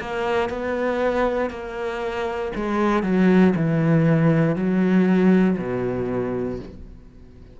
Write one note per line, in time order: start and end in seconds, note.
0.00 0.49 A#3
0.49 1.50 B3
1.50 2.52 A#3
2.55 3.03 G#3
3.03 3.54 F#3
3.55 4.56 E3
4.56 5.57 F#3
5.58 6.60 B2